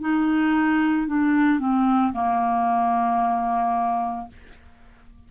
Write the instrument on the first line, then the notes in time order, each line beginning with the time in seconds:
clarinet
0.00 D#4
1.07 D4
1.59 C4
2.13 A#3